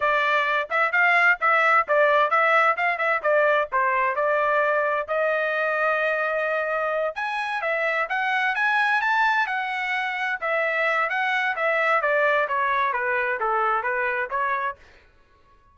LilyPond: \new Staff \with { instrumentName = "trumpet" } { \time 4/4 \tempo 4 = 130 d''4. e''8 f''4 e''4 | d''4 e''4 f''8 e''8 d''4 | c''4 d''2 dis''4~ | dis''2.~ dis''8 gis''8~ |
gis''8 e''4 fis''4 gis''4 a''8~ | a''8 fis''2 e''4. | fis''4 e''4 d''4 cis''4 | b'4 a'4 b'4 cis''4 | }